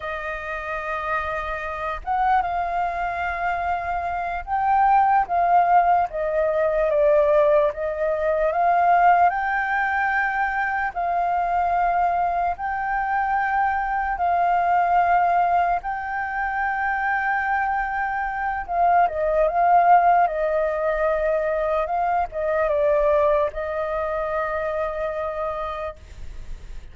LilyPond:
\new Staff \with { instrumentName = "flute" } { \time 4/4 \tempo 4 = 74 dis''2~ dis''8 fis''8 f''4~ | f''4. g''4 f''4 dis''8~ | dis''8 d''4 dis''4 f''4 g''8~ | g''4. f''2 g''8~ |
g''4. f''2 g''8~ | g''2. f''8 dis''8 | f''4 dis''2 f''8 dis''8 | d''4 dis''2. | }